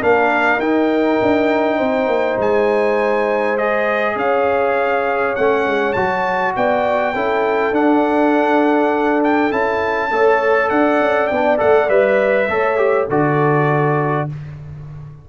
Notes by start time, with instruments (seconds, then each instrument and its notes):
0.00 tuba A#3, trombone D4, horn A#4, trumpet F5
0.59 tuba D#4, trombone D#4, trumpet G5
1.22 tuba D4
1.77 tuba C4, horn C5
2.07 tuba A#3
2.38 tuba G#3, trumpet G#5
3.58 trombone G#4, trumpet D#5
4.16 tuba C#4, horn C#5, trumpet F5
5.36 tuba A3, trombone C#4, trumpet F#5
5.66 tuba G#3
5.93 tuba F#3, trombone F#4, trumpet A5
6.56 tuba B3, horn D5, trumpet G5
7.14 tuba C#4, trombone E4, horn A4
7.71 tuba D4, trombone D4, trumpet F#5
9.24 trumpet G5
9.51 tuba C#4, trombone E4, trumpet A5
10.12 tuba A3, trombone A4, horn C#5
10.70 tuba D4, horn D5, trumpet F#5
11.01 tuba C#4
11.27 tuba B3, trumpet G5
11.35 trombone D4
11.58 tuba A3, trombone A4, trumpet F#5
11.89 tuba G3, trombone B4, trumpet E5
12.49 tuba A3, trombone A4, horn C#5
12.77 trombone G4
13.08 tuba D3, trombone F#4, horn A4, trumpet D5